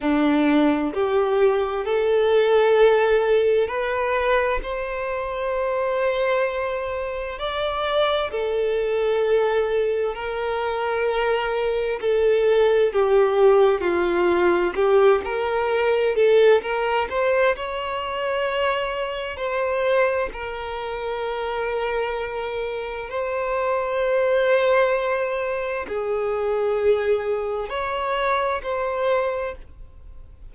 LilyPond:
\new Staff \with { instrumentName = "violin" } { \time 4/4 \tempo 4 = 65 d'4 g'4 a'2 | b'4 c''2. | d''4 a'2 ais'4~ | ais'4 a'4 g'4 f'4 |
g'8 ais'4 a'8 ais'8 c''8 cis''4~ | cis''4 c''4 ais'2~ | ais'4 c''2. | gis'2 cis''4 c''4 | }